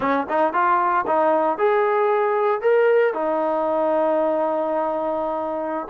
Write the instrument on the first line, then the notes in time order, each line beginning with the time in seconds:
trombone
0.00 C#4
0.29 D#4
0.53 F4
1.06 D#4
1.57 G#4
2.61 A#4
3.13 D#4